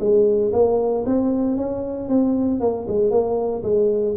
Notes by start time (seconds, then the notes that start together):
0.00 G#3
0.53 A#3
1.06 C4
1.57 C#4
2.09 C4
2.61 A#3
2.88 G#3
3.11 A#3
3.63 G#3